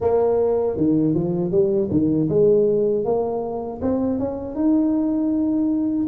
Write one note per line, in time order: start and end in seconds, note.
0.00 0.76 A#3
0.76 1.14 D#3
1.14 1.51 F3
1.51 1.89 G3
1.90 2.28 D#3
2.29 3.04 G#3
3.04 3.80 A#3
3.81 4.19 C4
4.19 4.55 C#4
4.55 6.07 D#4